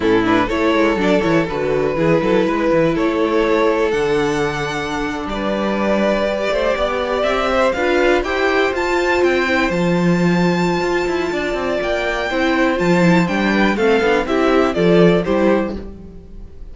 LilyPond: <<
  \new Staff \with { instrumentName = "violin" } { \time 4/4 \tempo 4 = 122 a'8 b'8 cis''4 d''8 cis''8 b'4~ | b'2 cis''2 | fis''2~ fis''8. d''4~ d''16~ | d''2~ d''8. e''4 f''16~ |
f''8. g''4 a''4 g''4 a''16~ | a''1 | g''2 a''4 g''4 | f''4 e''4 d''4 c''4 | }
  \new Staff \with { instrumentName = "violin" } { \time 4/4 e'4 a'2. | gis'8 a'8 b'4 a'2~ | a'2~ a'8. b'4~ b'16~ | b'4~ b'16 c''8 d''4. c''8 b'16~ |
b'8. c''2.~ c''16~ | c''2. d''4~ | d''4 c''2~ c''8 b'8 | a'4 g'4 a'4 g'4 | }
  \new Staff \with { instrumentName = "viola" } { \time 4/4 cis'8 d'8 e'4 d'8 e'8 fis'4 | e'1 | d'1~ | d'8. g'2. f'16~ |
f'8. g'4 f'4. e'8 f'16~ | f'1~ | f'4 e'4 f'8 e'8 d'4 | c'8 d'8 e'4 f'4 e'4 | }
  \new Staff \with { instrumentName = "cello" } { \time 4/4 a,4 a8 gis8 fis8 e8 d4 | e8 fis8 gis8 e8 a2 | d2~ d8. g4~ g16~ | g4~ g16 a8 b4 c'4 d'16~ |
d'8. e'4 f'4 c'4 f16~ | f2 f'8 e'8 d'8 c'8 | ais4 c'4 f4 g4 | a8 b8 c'4 f4 g4 | }
>>